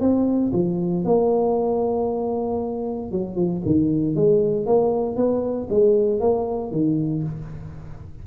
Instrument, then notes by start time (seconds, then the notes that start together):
tuba
0.00 C4
0.53 F3
1.05 A#3
3.11 F#3
3.35 F3
3.65 D#3
4.15 G#3
4.66 A#3
5.16 B3
5.70 G#3
6.20 A#3
6.71 D#3